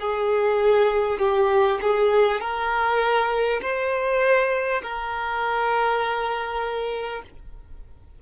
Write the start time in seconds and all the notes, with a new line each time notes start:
0.00 G#4
1.19 G4
1.82 G#4
2.41 A#4
3.62 C5
4.82 A#4